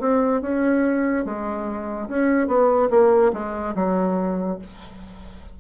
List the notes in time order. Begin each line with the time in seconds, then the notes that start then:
0.00 C4
0.42 C#4
1.25 G#3
2.09 C#4
2.48 B3
2.91 A#3
3.33 G#3
3.75 F#3